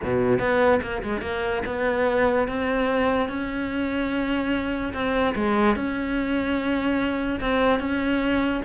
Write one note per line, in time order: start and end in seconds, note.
0.03 0.39 B2
0.39 0.80 B3
0.82 1.02 A#3
1.03 1.21 G#3
1.21 1.62 A#3
1.66 2.48 B3
2.48 3.28 C4
3.28 4.93 C#4
4.93 5.34 C4
5.35 5.75 G#3
5.75 7.40 C#4
7.40 7.79 C4
7.79 8.61 C#4